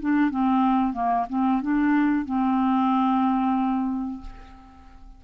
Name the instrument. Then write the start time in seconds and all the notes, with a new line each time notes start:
clarinet
0.00 D4
0.31 C4
0.93 A#3
1.29 C4
1.62 D4
2.25 C4